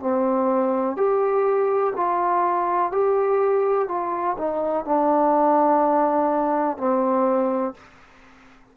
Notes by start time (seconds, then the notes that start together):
0.00 C4
0.97 G4
1.96 F4
2.92 G4
3.88 F4
4.38 D#4
4.85 D4
6.77 C4